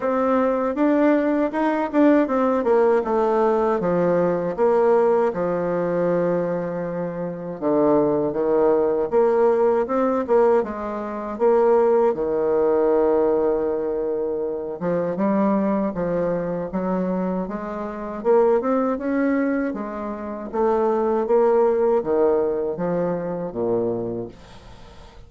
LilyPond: \new Staff \with { instrumentName = "bassoon" } { \time 4/4 \tempo 4 = 79 c'4 d'4 dis'8 d'8 c'8 ais8 | a4 f4 ais4 f4~ | f2 d4 dis4 | ais4 c'8 ais8 gis4 ais4 |
dis2.~ dis8 f8 | g4 f4 fis4 gis4 | ais8 c'8 cis'4 gis4 a4 | ais4 dis4 f4 ais,4 | }